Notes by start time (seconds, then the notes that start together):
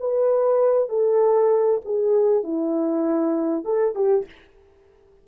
0.00 B4
0.89 A4
1.85 G#4
2.44 E4
3.65 A4
3.95 G4